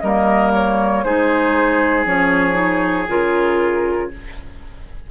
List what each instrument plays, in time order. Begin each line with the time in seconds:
0.00 bassoon G3, clarinet A#3, oboe A#4, flute D#5
0.53 flute C#5
1.03 bassoon G#3, clarinet D#4, oboe G#4, flute C5
2.05 bassoon F3, clarinet C#4, flute C#5
2.53 clarinet D#4
3.08 bassoon C#3, clarinet F4, flute A#4